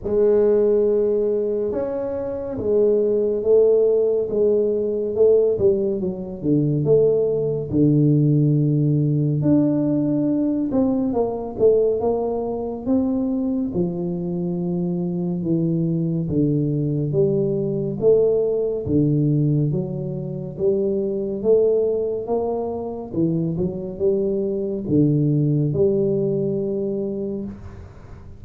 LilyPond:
\new Staff \with { instrumentName = "tuba" } { \time 4/4 \tempo 4 = 70 gis2 cis'4 gis4 | a4 gis4 a8 g8 fis8 d8 | a4 d2 d'4~ | d'8 c'8 ais8 a8 ais4 c'4 |
f2 e4 d4 | g4 a4 d4 fis4 | g4 a4 ais4 e8 fis8 | g4 d4 g2 | }